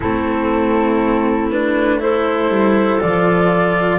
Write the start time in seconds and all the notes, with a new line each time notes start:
0.00 A3 C4 E4 A4
1.50 D4 B4
1.99 E4 A4 C5
2.48 G3
3.00 F3 F4 D5